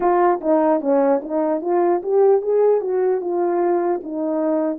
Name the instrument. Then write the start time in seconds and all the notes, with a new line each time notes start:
horn
0.00 F4
0.40 D#4
0.80 C#4
1.22 D#4
1.61 F4
2.02 G4
2.41 G#4
2.80 F#4
3.20 F4
4.03 D#4